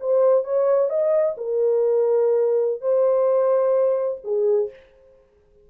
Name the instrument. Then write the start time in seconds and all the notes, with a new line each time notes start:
horn
0.00 C5
0.44 C#5
0.90 D#5
1.37 A#4
2.81 C5
4.24 G#4